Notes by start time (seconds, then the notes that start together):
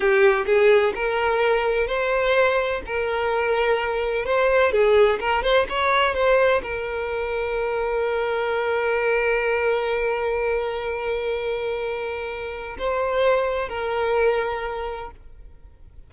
0.00 G4
0.46 G#4
0.94 A#4
1.87 C5
2.85 A#4
4.25 C5
4.72 G#4
5.20 A#4
5.42 C5
5.69 C#5
6.14 C5
6.62 A#4
12.78 C5
13.69 A#4